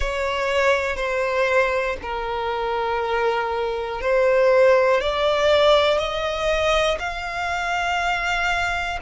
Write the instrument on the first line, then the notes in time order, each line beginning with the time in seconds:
violin
0.00 C#5
0.96 C5
2.02 A#4
4.00 C5
5.00 D5
5.97 D#5
6.99 F5